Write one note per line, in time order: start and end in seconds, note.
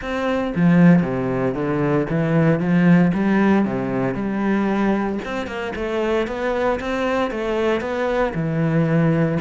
0.01 0.53 C4
0.55 1.02 F3
1.02 1.54 C3
1.54 2.06 D3
2.09 2.59 E3
2.59 3.11 F3
3.14 3.65 G3
3.65 4.14 C3
4.14 5.18 G3
5.24 5.46 C4
5.46 5.72 A#3
5.75 6.27 A3
6.27 6.79 B3
6.79 7.30 C4
7.30 7.80 A3
7.80 8.32 B3
8.34 9.38 E3